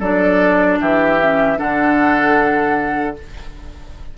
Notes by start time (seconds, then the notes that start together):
0.00 F#3 D4 A4 D5
0.81 E3 G4 E5
1.21 C#4
1.56 D3 D4 A4 F#5